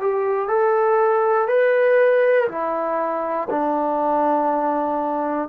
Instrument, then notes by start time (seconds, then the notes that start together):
trombone
0.00 G4
0.48 A4
1.48 B4
2.48 E4
3.50 D4